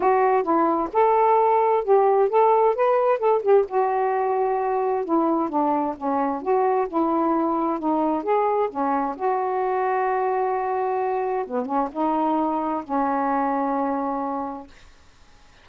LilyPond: \new Staff \with { instrumentName = "saxophone" } { \time 4/4 \tempo 4 = 131 fis'4 e'4 a'2 | g'4 a'4 b'4 a'8 g'8 | fis'2. e'4 | d'4 cis'4 fis'4 e'4~ |
e'4 dis'4 gis'4 cis'4 | fis'1~ | fis'4 b8 cis'8 dis'2 | cis'1 | }